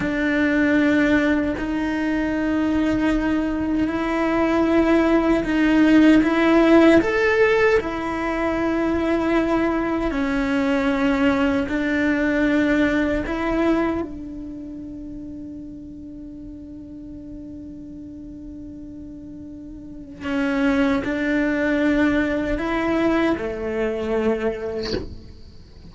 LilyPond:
\new Staff \with { instrumentName = "cello" } { \time 4/4 \tempo 4 = 77 d'2 dis'2~ | dis'4 e'2 dis'4 | e'4 a'4 e'2~ | e'4 cis'2 d'4~ |
d'4 e'4 d'2~ | d'1~ | d'2 cis'4 d'4~ | d'4 e'4 a2 | }